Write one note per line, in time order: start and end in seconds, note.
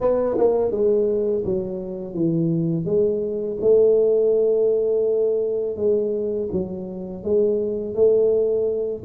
0.00 0.36 B3
0.38 0.71 A#3
0.71 1.43 G#3
1.44 2.13 F#3
2.13 2.85 E3
2.85 3.57 G#3
3.61 5.76 A3
5.76 6.48 G#3
6.52 7.23 F#3
7.23 7.95 G#3
7.95 9.03 A3